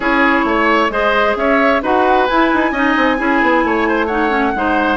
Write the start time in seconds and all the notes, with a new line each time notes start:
0.00 C#4 E4 G#4 C#5
0.44 A3 C#5
0.89 G#3 G#4 C5 D#5
1.36 C#4 C#5 E5
1.82 D#4 F#4 B4 F#5
2.26 E4 G#5
2.53 D#4
2.71 C#4 D#4 D#5
2.96 C4
3.17 C#4 E4 G#4
3.42 B3
3.63 A3 C#5
3.88 C5
4.06 D#4 C#5 F#5
4.29 C#4
4.55 G#3 D#4 C5